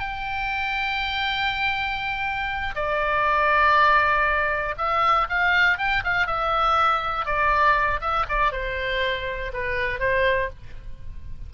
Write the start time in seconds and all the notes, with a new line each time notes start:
0.00 G5
2.75 D5
4.78 E5
5.30 F5
5.78 G5
6.04 F5
6.27 E5
7.26 D5
8.01 E5
8.29 D5
8.52 C5
9.53 B4
10.00 C5